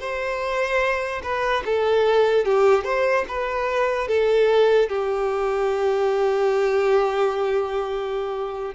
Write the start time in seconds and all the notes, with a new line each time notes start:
0.00 C5
1.23 B4
1.65 A4
2.45 G4
2.84 C5
3.28 B4
4.08 A4
4.89 G4